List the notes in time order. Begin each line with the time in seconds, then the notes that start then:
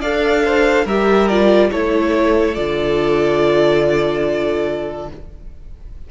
0.00 D4 A4 D5 F5
0.44 C5
0.85 G3 G4 A#4 E5
1.28 F4 D5
1.71 A3 E4 A4 C#5
2.54 D3 F4 D5